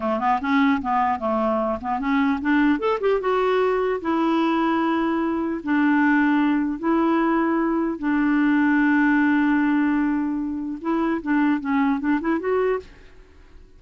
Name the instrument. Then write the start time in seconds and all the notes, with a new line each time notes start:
clarinet
0.00 A3
0.19 B3
0.41 C#4
0.81 B3
1.19 A3
1.81 B3
1.99 C#4
2.41 D4
2.79 A4
3.00 G4
3.20 F#4
4.01 E4
5.63 D4
6.78 E4
7.98 D4
10.81 E4
11.21 D4
11.60 C#4
12.00 D4
12.20 E4
12.39 F#4